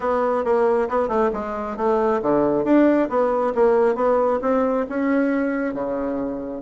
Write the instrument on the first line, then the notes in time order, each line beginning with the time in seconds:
bassoon
0.00 B3
0.44 A#3
0.88 B3
1.08 A3
1.33 G#3
1.76 A3
2.22 D3
2.64 D4
3.09 B3
3.54 A#3
3.95 B3
4.41 C4
4.89 C#4
5.74 C#3